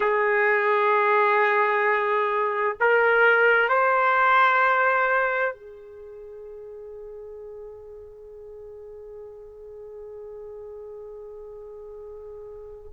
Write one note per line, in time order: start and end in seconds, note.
0.00 2.76 G#4
2.79 3.68 A#4
3.68 5.53 C5
5.53 12.91 G#4